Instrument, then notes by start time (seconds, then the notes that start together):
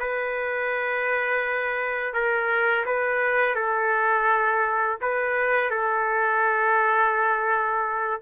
trumpet
0.00 B4
2.14 A#4
2.86 B4
3.56 A4
5.02 B4
5.71 A4